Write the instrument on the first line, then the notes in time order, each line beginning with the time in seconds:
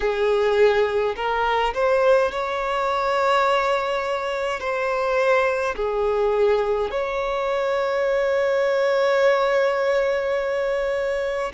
violin
0.00 G#4
1.15 A#4
1.74 C5
2.31 C#5
4.59 C5
5.76 G#4
6.90 C#5